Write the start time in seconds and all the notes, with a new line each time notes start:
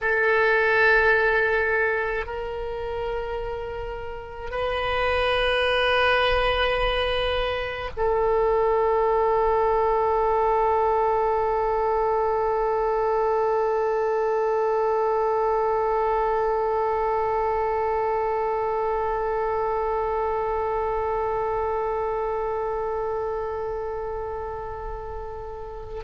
0.01 A4
2.26 A#4
4.50 B4
7.96 A4